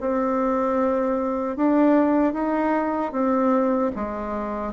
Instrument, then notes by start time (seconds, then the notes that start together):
bassoon
0.00 C4
1.56 D4
2.33 D#4
3.12 C4
3.95 G#3